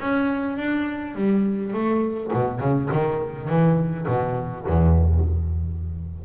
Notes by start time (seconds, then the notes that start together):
0.00 C#4
0.57 D4
1.15 G3
1.73 A3
2.33 B2
2.60 C#3
2.92 D#3
3.48 E3
4.07 B2
4.67 E2